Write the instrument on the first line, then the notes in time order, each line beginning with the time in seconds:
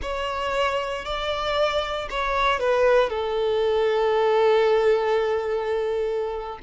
violin
0.01 C#5
1.05 D5
2.09 C#5
2.59 B4
3.09 A4